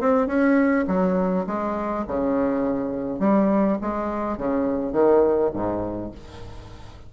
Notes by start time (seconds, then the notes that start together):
0.00 C4
0.27 C#4
0.87 F#3
1.46 G#3
2.08 C#3
3.19 G3
3.81 G#3
4.37 C#3
4.92 D#3
5.53 G#2